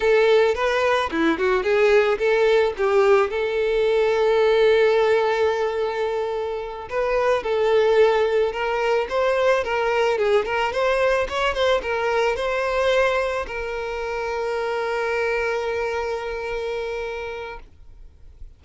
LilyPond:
\new Staff \with { instrumentName = "violin" } { \time 4/4 \tempo 4 = 109 a'4 b'4 e'8 fis'8 gis'4 | a'4 g'4 a'2~ | a'1~ | a'8 b'4 a'2 ais'8~ |
ais'8 c''4 ais'4 gis'8 ais'8 c''8~ | c''8 cis''8 c''8 ais'4 c''4.~ | c''8 ais'2.~ ais'8~ | ais'1 | }